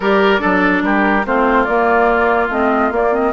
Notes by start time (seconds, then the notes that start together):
0.00 G3 G4 A#4 D5
0.39 F#3 D4 A4
0.82 G3 G4 A#4
1.25 A3 C4 F4 C5
1.64 A#3 D5
2.49 A3 C4 D#5
2.90 A#3 D5
3.12 C4 D#5